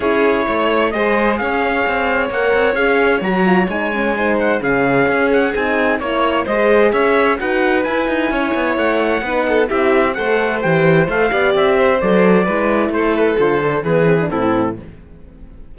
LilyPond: <<
  \new Staff \with { instrumentName = "trumpet" } { \time 4/4 \tempo 4 = 130 cis''2 dis''4 f''4~ | f''4 fis''4 f''4 ais''4 | gis''4. fis''8 f''4. fis''8 | gis''4 cis''4 dis''4 e''4 |
fis''4 gis''2 fis''4~ | fis''4 e''4 fis''4 g''4 | f''4 e''4 d''2 | c''8 b'8 c''4 b'4 a'4 | }
  \new Staff \with { instrumentName = "violin" } { \time 4/4 gis'4 cis''4 c''4 cis''4~ | cis''1~ | cis''4 c''4 gis'2~ | gis'4 cis''4 c''4 cis''4 |
b'2 cis''2 | b'8 a'8 g'4 c''2~ | c''8 d''4 c''4. b'4 | a'2 gis'4 e'4 | }
  \new Staff \with { instrumentName = "horn" } { \time 4/4 e'2 gis'2~ | gis'4 ais'4 gis'4 fis'8 f'8 | dis'8 cis'8 dis'4 cis'2 | dis'4 e'4 gis'2 |
fis'4 e'2. | dis'4 e'4 a'4 g'4 | a'8 g'4. a'4 e'4~ | e'4 f'8 d'8 b8 c'16 d'16 c'4 | }
  \new Staff \with { instrumentName = "cello" } { \time 4/4 cis'4 a4 gis4 cis'4 | c'4 ais8 c'8 cis'4 fis4 | gis2 cis4 cis'4 | c'4 ais4 gis4 cis'4 |
dis'4 e'8 dis'8 cis'8 b8 a4 | b4 c'4 a4 e4 | a8 b8 c'4 fis4 gis4 | a4 d4 e4 a,4 | }
>>